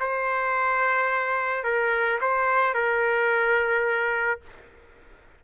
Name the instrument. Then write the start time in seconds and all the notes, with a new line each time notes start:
trumpet
0.00 C5
1.64 A#4
2.21 C5
2.74 A#4